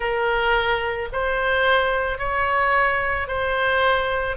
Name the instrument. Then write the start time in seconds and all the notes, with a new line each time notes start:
oboe
0.00 A#4
1.12 C5
2.18 C#5
3.27 C5